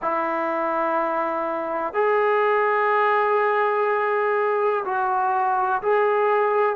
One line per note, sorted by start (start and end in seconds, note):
0.02 1.94 E4
1.94 4.84 G#4
4.84 5.81 F#4
5.82 6.75 G#4